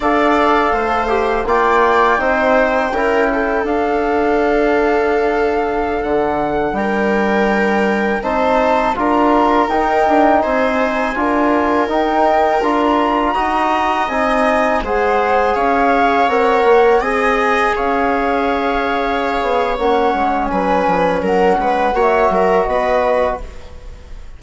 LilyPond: <<
  \new Staff \with { instrumentName = "flute" } { \time 4/4 \tempo 4 = 82 f''2 g''2~ | g''4 f''2.~ | f''16 fis''4 g''2 a''8.~ | a''16 ais''4 g''4 gis''4.~ gis''16~ |
gis''16 g''4 ais''2 gis''8.~ | gis''16 fis''4 f''4 fis''4 gis''8.~ | gis''16 f''2~ f''8. fis''4 | gis''4 fis''4 e''4 dis''4 | }
  \new Staff \with { instrumentName = "viola" } { \time 4/4 d''4 c''4 d''4 c''4 | ais'8 a'2.~ a'8~ | a'4~ a'16 ais'2 c''8.~ | c''16 ais'2 c''4 ais'8.~ |
ais'2~ ais'16 dis''4.~ dis''16~ | dis''16 c''4 cis''2 dis''8.~ | dis''16 cis''2.~ cis''8. | b'4 ais'8 b'8 cis''8 ais'8 b'4 | }
  \new Staff \with { instrumentName = "trombone" } { \time 4/4 a'4. g'8 f'4 dis'4 | e'4 d'2.~ | d'2.~ d'16 dis'8.~ | dis'16 f'4 dis'2 f'8.~ |
f'16 dis'4 f'4 fis'4 dis'8.~ | dis'16 gis'2 ais'4 gis'8.~ | gis'2. cis'4~ | cis'2 fis'2 | }
  \new Staff \with { instrumentName = "bassoon" } { \time 4/4 d'4 a4 ais4 c'4 | cis'4 d'2.~ | d'16 d4 g2 c'8.~ | c'16 d'4 dis'8 d'8 c'4 d'8.~ |
d'16 dis'4 d'4 dis'4 c'8.~ | c'16 gis4 cis'4 c'8 ais8 c'8.~ | c'16 cis'2~ cis'16 b8 ais8 gis8 | fis8 f8 fis8 gis8 ais8 fis8 b4 | }
>>